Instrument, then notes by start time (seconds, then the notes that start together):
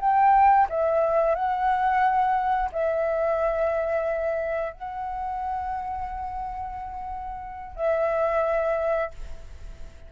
flute
0.00 G5
0.69 E5
1.35 F#5
2.72 E5
4.73 F#5
7.76 E5